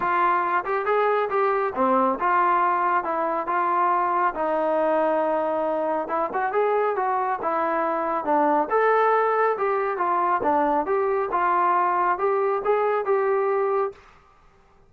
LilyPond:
\new Staff \with { instrumentName = "trombone" } { \time 4/4 \tempo 4 = 138 f'4. g'8 gis'4 g'4 | c'4 f'2 e'4 | f'2 dis'2~ | dis'2 e'8 fis'8 gis'4 |
fis'4 e'2 d'4 | a'2 g'4 f'4 | d'4 g'4 f'2 | g'4 gis'4 g'2 | }